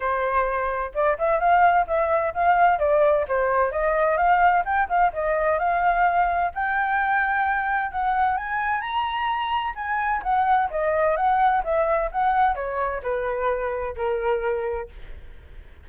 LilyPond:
\new Staff \with { instrumentName = "flute" } { \time 4/4 \tempo 4 = 129 c''2 d''8 e''8 f''4 | e''4 f''4 d''4 c''4 | dis''4 f''4 g''8 f''8 dis''4 | f''2 g''2~ |
g''4 fis''4 gis''4 ais''4~ | ais''4 gis''4 fis''4 dis''4 | fis''4 e''4 fis''4 cis''4 | b'2 ais'2 | }